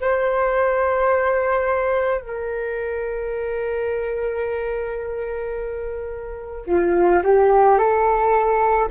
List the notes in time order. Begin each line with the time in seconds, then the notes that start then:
0.00 C5
2.21 A#4
6.66 F4
7.23 G4
7.78 A4